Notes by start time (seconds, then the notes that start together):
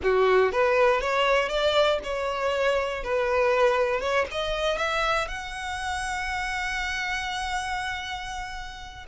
0.02 F#4
0.52 B4
1.00 C#5
1.48 D5
2.03 C#5
3.03 B4
4.00 C#5
4.31 D#5
4.77 E5
5.27 F#5